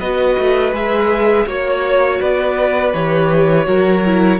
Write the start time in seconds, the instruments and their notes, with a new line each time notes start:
0.00 cello B3, viola F#4, violin B4 D#5
0.39 cello A3
0.73 cello G#3, viola G#4, violin E5
1.47 cello A#3, viola F#4, violin C#5
2.20 cello B3, violin B4 D5
2.94 cello E3, viola G4, violin C#5
3.65 cello F#3, viola F#4, violin A#4
4.05 viola E4